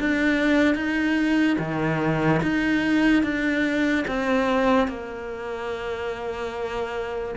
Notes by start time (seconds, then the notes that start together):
0.00 D4
0.75 D#4
1.59 D#3
2.43 D#4
3.23 D4
4.08 C4
4.88 A#3